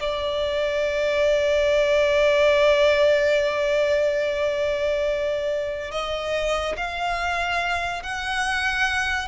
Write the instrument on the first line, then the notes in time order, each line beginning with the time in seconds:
violin
0.00 D5
5.91 D#5
6.76 F5
8.02 F#5